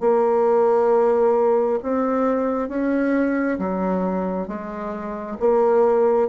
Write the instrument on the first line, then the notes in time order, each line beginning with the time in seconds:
bassoon
0.00 A#3
1.82 C4
2.68 C#4
3.58 F#3
4.47 G#3
5.39 A#3